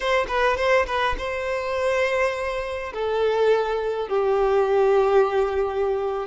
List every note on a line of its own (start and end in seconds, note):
0.00 0.26 C5
0.28 0.57 B4
0.57 0.86 C5
0.86 1.15 B4
1.18 2.93 C5
2.93 4.08 A4
4.08 6.26 G4